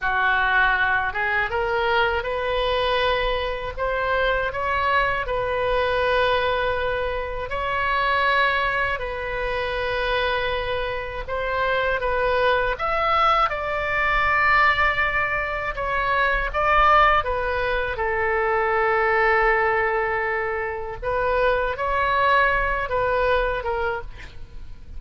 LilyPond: \new Staff \with { instrumentName = "oboe" } { \time 4/4 \tempo 4 = 80 fis'4. gis'8 ais'4 b'4~ | b'4 c''4 cis''4 b'4~ | b'2 cis''2 | b'2. c''4 |
b'4 e''4 d''2~ | d''4 cis''4 d''4 b'4 | a'1 | b'4 cis''4. b'4 ais'8 | }